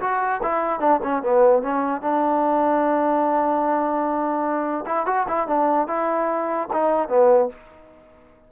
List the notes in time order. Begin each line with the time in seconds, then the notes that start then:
0.00 F#4
0.42 E4
0.79 D4
1.02 C#4
1.22 B3
1.62 C#4
2.01 D4
4.86 E4
5.06 F#4
5.28 E4
5.47 D4
5.87 E4
6.73 D#4
7.08 B3